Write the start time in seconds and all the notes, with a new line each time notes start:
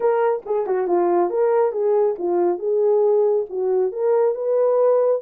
0.00 A#4
0.45 G#4
0.66 F#4
0.87 F4
1.29 A#4
1.72 G#4
2.18 F4
2.58 G#4
3.49 F#4
3.92 A#4
4.34 B4